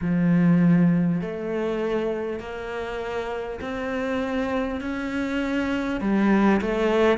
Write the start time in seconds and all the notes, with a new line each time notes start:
0.01 F3
1.21 A3
2.39 A#3
3.61 C4
4.80 C#4
6.01 G3
6.61 A3